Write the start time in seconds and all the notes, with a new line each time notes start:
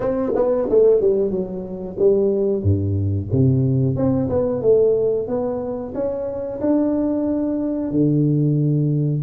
0.00 C4
0.35 B3
0.69 A3
1.00 G3
1.30 F#3
1.98 G3
2.62 G2
3.32 C3
3.96 C4
4.29 B3
4.61 A3
5.27 B3
5.94 C#4
6.61 D4
7.91 D3